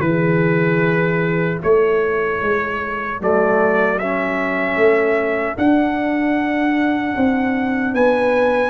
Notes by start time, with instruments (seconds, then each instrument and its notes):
0.00 tuba E3, trombone E4, trumpet B4
0.08 horn G#4
1.63 tuba A3, horn A4, trumpet C#5
2.42 tuba G#3
3.20 tuba F#3, trombone A3, trumpet D5
3.98 trombone C#4, trumpet E5
4.76 tuba A3
5.56 trombone D4, tuba D4, trumpet F#5
7.16 tuba C4
7.94 tuba B3, horn B4, trumpet G#5